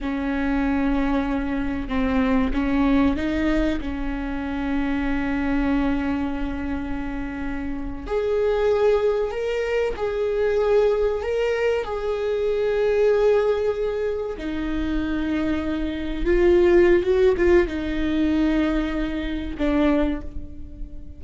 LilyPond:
\new Staff \with { instrumentName = "viola" } { \time 4/4 \tempo 4 = 95 cis'2. c'4 | cis'4 dis'4 cis'2~ | cis'1~ | cis'8. gis'2 ais'4 gis'16~ |
gis'4.~ gis'16 ais'4 gis'4~ gis'16~ | gis'2~ gis'8. dis'4~ dis'16~ | dis'4.~ dis'16 f'4~ f'16 fis'8 f'8 | dis'2. d'4 | }